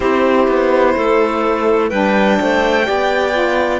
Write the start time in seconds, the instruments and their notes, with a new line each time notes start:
0.00 cello C4, saxophone E4, clarinet G4, violin C5
0.47 cello B3
0.95 cello A3, clarinet A4
1.89 cello G3, saxophone D4, clarinet B4, violin G5
2.40 cello A3, clarinet C5
2.83 cello B3, saxophone G4, clarinet D5
3.32 saxophone F4